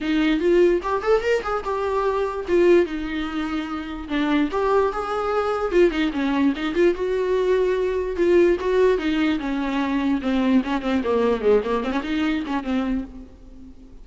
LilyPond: \new Staff \with { instrumentName = "viola" } { \time 4/4 \tempo 4 = 147 dis'4 f'4 g'8 a'8 ais'8 gis'8 | g'2 f'4 dis'4~ | dis'2 d'4 g'4 | gis'2 f'8 dis'8 cis'4 |
dis'8 f'8 fis'2. | f'4 fis'4 dis'4 cis'4~ | cis'4 c'4 cis'8 c'8 ais4 | gis8 ais8 c'16 cis'16 dis'4 cis'8 c'4 | }